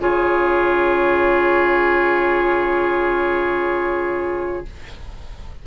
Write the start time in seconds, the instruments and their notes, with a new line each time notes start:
0.00 bassoon C#3, clarinet F4, oboe G#4, flute C#5